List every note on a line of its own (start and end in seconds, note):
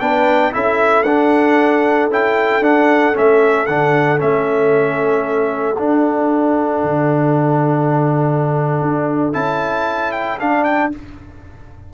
0.00 0.53 B3
0.00 0.52 D4
0.00 0.54 B4
0.00 0.53 G5
0.52 1.03 C#4
0.52 1.05 E4
0.52 10.94 A4
0.52 1.03 E5
1.03 2.08 D4
1.03 2.11 D4
1.03 2.08 F#5
2.08 2.60 C#4
2.08 2.62 E4
2.08 2.64 G5
2.60 3.13 D4
2.60 3.14 D4
2.60 3.16 F#5
3.14 3.68 A3
3.14 3.67 C#4
3.14 3.66 E5
3.66 4.20 D3
3.66 4.18 D4
3.66 4.19 F#5
4.18 5.79 A3
4.18 5.76 C#4
4.18 5.78 E5
5.78 9.33 D4
5.78 6.83 D4
5.78 9.33 F#5
6.83 8.80 D3
8.81 9.34 D4
9.33 10.39 C#4
9.33 10.38 E4
9.33 10.12 A5
10.12 10.38 G5
10.39 10.92 D4
10.39 10.64 F5
10.64 10.90 G5